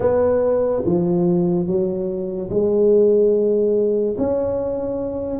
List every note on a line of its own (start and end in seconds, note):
0.00 0.83 B3
0.85 1.66 F3
1.66 2.49 F#3
2.50 4.16 G#3
4.18 5.40 C#4